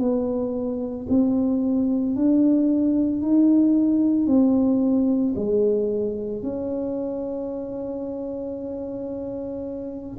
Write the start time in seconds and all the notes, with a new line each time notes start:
0.00 B3
1.10 C4
2.16 D4
3.22 D#4
4.27 C4
5.36 G#3
6.43 C#4